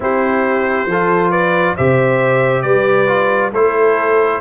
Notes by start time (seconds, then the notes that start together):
0.00 C4 E4 G4 C5
0.86 F3 F4 A4
1.30 B4 D5
1.76 C3 G4 C5 E5
2.62 G3 B4 D5
3.06 F4
3.51 A3 E4 A4 C5